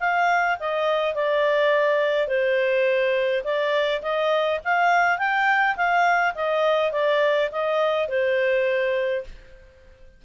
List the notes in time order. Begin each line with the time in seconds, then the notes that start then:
0.00 F5
0.59 D#5
1.15 D5
2.27 C5
3.44 D5
4.02 D#5
4.64 F5
5.18 G5
5.76 F5
6.35 D#5
6.92 D5
7.52 D#5
8.08 C5